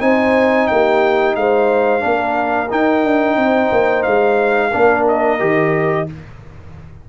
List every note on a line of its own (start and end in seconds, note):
0.00 0.68 C4
0.00 2.00 D#4
0.00 0.70 C5
0.00 0.67 G#5
0.67 1.36 A#3
0.67 1.38 G4
0.67 1.35 G5
1.36 2.03 G#3
1.36 2.03 C5
1.36 2.71 F5
2.00 2.71 A#3
2.00 2.67 D4
2.00 3.37 A#4
2.69 4.71 D#4
2.69 3.04 D#4
2.69 4.03 G5
3.04 3.37 D4
3.37 3.70 C4
3.37 4.70 C5
3.72 4.05 A#3
4.03 4.74 G#3
4.03 5.04 F5
4.70 5.41 A#3
4.70 5.39 D4
4.70 6.05 A#4
5.08 6.09 D#5
5.39 6.08 D#3
5.39 6.07 G4